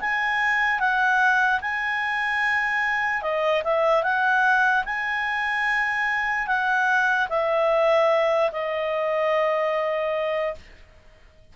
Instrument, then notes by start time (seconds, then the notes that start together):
clarinet
0.00 G#5
0.79 F#5
1.61 G#5
3.22 D#5
3.63 E5
4.03 F#5
4.85 G#5
6.47 F#5
7.29 E5
8.52 D#5